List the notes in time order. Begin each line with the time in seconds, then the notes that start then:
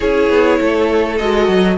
0.00 C#4 E4 G#4 C#5
0.29 B3
0.59 A3 A4
1.17 G#3 F#4 D#5
1.48 F#3